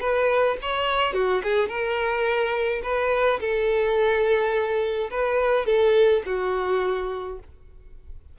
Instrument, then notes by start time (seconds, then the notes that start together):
violin
0.00 B4
0.61 C#5
1.13 F#4
1.43 G#4
1.68 A#4
2.83 B4
3.40 A4
5.10 B4
5.66 A4
6.26 F#4